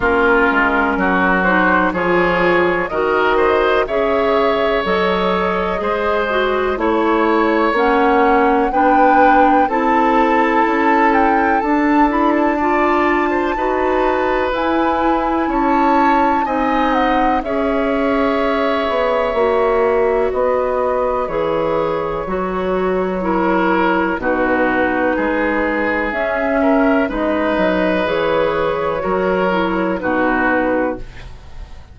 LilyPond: <<
  \new Staff \with { instrumentName = "flute" } { \time 4/4 \tempo 4 = 62 ais'4. c''8 cis''4 dis''4 | e''4 dis''2 cis''4 | fis''4 g''4 a''4. g''8 | a''8 b''16 a''2~ a''16 gis''4 |
a''4 gis''8 fis''8 e''2~ | e''4 dis''4 cis''2~ | cis''4 b'2 e''4 | dis''4 cis''2 b'4 | }
  \new Staff \with { instrumentName = "oboe" } { \time 4/4 f'4 fis'4 gis'4 ais'8 c''8 | cis''2 c''4 cis''4~ | cis''4 b'4 a'2~ | a'4 d''8. c''16 b'2 |
cis''4 dis''4 cis''2~ | cis''4 b'2. | ais'4 fis'4 gis'4. ais'8 | b'2 ais'4 fis'4 | }
  \new Staff \with { instrumentName = "clarinet" } { \time 4/4 cis'4. dis'8 f'4 fis'4 | gis'4 a'4 gis'8 fis'8 e'4 | cis'4 d'4 e'2 | d'8 e'8 f'4 fis'4 e'4~ |
e'4 dis'4 gis'2 | fis'2 gis'4 fis'4 | e'4 dis'2 cis'4 | dis'4 gis'4 fis'8 e'8 dis'4 | }
  \new Staff \with { instrumentName = "bassoon" } { \time 4/4 ais8 gis8 fis4 f4 dis4 | cis4 fis4 gis4 a4 | ais4 b4 c'4 cis'4 | d'2 dis'4 e'4 |
cis'4 c'4 cis'4. b8 | ais4 b4 e4 fis4~ | fis4 b,4 gis4 cis'4 | gis8 fis8 e4 fis4 b,4 | }
>>